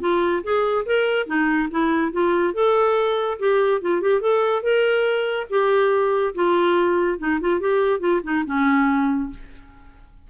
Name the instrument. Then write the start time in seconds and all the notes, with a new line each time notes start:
clarinet
0.00 F4
0.43 G#4
0.85 A#4
1.26 D#4
1.70 E4
2.12 F4
2.54 A4
3.39 G4
3.81 F4
4.01 G4
4.21 A4
4.62 A#4
5.49 G4
6.34 F4
7.18 D#4
7.40 F4
7.60 G4
7.99 F4
8.23 D#4
8.45 C#4